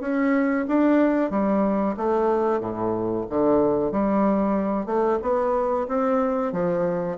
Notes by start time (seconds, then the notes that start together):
0.00 C#4
0.68 D4
1.30 G3
1.96 A3
2.59 A2
3.29 D3
3.91 G3
4.86 A3
5.21 B3
5.88 C4
6.52 F3